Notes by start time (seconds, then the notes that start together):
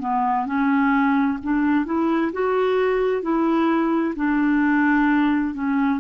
0.00 B3
0.46 C#4
1.43 D4
1.86 E4
2.33 F#4
3.22 E4
4.16 D4
5.55 C#4